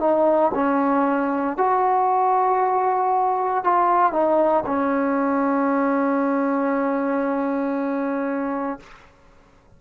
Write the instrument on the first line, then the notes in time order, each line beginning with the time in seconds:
trombone
0.00 D#4
0.55 C#4
1.57 F#4
3.64 F4
4.12 D#4
4.66 C#4